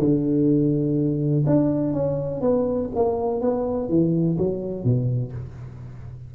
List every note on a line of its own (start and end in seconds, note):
0.00 1.45 D3
1.47 1.93 D4
1.93 2.41 C#4
2.41 2.90 B3
2.95 3.42 A#3
3.42 3.90 B3
3.90 4.38 E3
4.38 4.84 F#3
4.84 5.33 B2